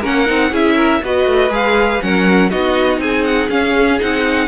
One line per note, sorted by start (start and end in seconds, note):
0.00 0.29 A#3
0.00 0.26 C#4
0.00 0.50 A#4
0.00 0.55 F#5
0.26 0.52 C4
0.26 0.50 D#4
0.52 1.01 C#4
0.52 1.01 E4
0.52 0.76 G#4
0.52 1.04 E5
0.76 1.00 A#4
1.02 1.26 B3
1.02 1.50 F#4
1.02 2.04 B4
1.02 1.53 D#5
1.26 1.50 A3
1.50 1.99 G#3
1.50 2.00 G#4
1.50 2.02 F5
2.01 2.52 F#3
2.01 2.50 C#4
2.01 2.50 A#4
2.01 2.50 F#5
2.50 2.99 B3
2.50 3.50 D#4
2.50 3.00 F#4
2.50 2.99 D#5
2.99 3.48 C4
2.99 4.48 G#4
2.99 3.24 G#5
3.24 3.49 F#5
3.50 3.99 C#4
3.50 4.00 F5
3.99 4.48 C4
3.99 4.48 D#4
3.99 4.48 F#5